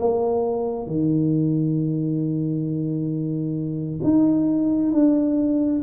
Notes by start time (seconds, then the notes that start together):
0.00 A#3
0.87 D#3
4.04 D#4
4.93 D4